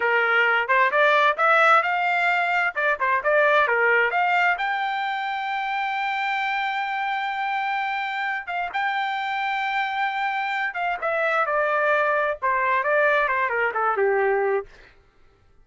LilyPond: \new Staff \with { instrumentName = "trumpet" } { \time 4/4 \tempo 4 = 131 ais'4. c''8 d''4 e''4 | f''2 d''8 c''8 d''4 | ais'4 f''4 g''2~ | g''1~ |
g''2~ g''8 f''8 g''4~ | g''2.~ g''8 f''8 | e''4 d''2 c''4 | d''4 c''8 ais'8 a'8 g'4. | }